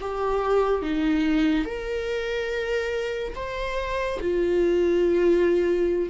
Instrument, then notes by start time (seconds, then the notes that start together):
viola
0.00 G4
0.82 D#4
1.65 A#4
3.35 C5
4.21 F4